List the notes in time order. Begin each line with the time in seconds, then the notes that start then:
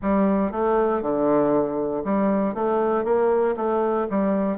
0.02 G3
0.51 A3
1.02 D3
2.04 G3
2.54 A3
3.04 A#3
3.56 A3
4.09 G3